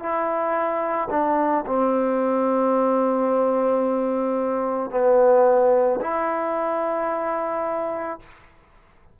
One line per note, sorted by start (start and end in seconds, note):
0.00 1.09 E4
1.11 1.65 D4
1.67 4.91 C4
4.91 6.00 B3
6.01 8.20 E4